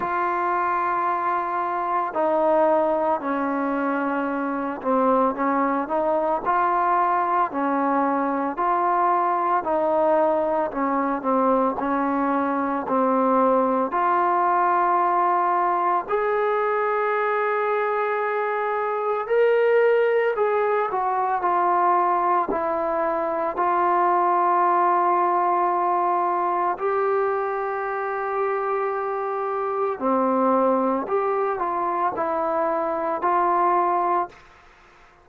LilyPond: \new Staff \with { instrumentName = "trombone" } { \time 4/4 \tempo 4 = 56 f'2 dis'4 cis'4~ | cis'8 c'8 cis'8 dis'8 f'4 cis'4 | f'4 dis'4 cis'8 c'8 cis'4 | c'4 f'2 gis'4~ |
gis'2 ais'4 gis'8 fis'8 | f'4 e'4 f'2~ | f'4 g'2. | c'4 g'8 f'8 e'4 f'4 | }